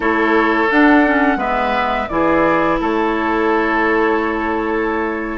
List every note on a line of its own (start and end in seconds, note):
0.00 0.68 A3
0.00 0.69 E4
0.00 1.37 A4
0.00 0.70 C#5
0.69 1.04 D4
0.69 1.36 D4
0.69 1.40 F#5
1.05 1.37 C#4
1.36 2.06 G#3
1.36 2.07 B3
1.36 2.07 B4
1.36 2.08 E5
2.08 2.80 E3
2.08 5.38 E4
2.08 2.80 G#4
2.08 2.78 D5
2.80 5.38 A3
2.80 5.38 A4
2.80 5.38 C#5